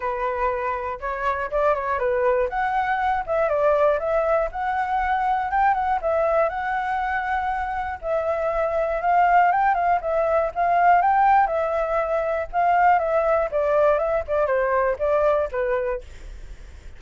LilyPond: \new Staff \with { instrumentName = "flute" } { \time 4/4 \tempo 4 = 120 b'2 cis''4 d''8 cis''8 | b'4 fis''4. e''8 d''4 | e''4 fis''2 g''8 fis''8 | e''4 fis''2. |
e''2 f''4 g''8 f''8 | e''4 f''4 g''4 e''4~ | e''4 f''4 e''4 d''4 | e''8 d''8 c''4 d''4 b'4 | }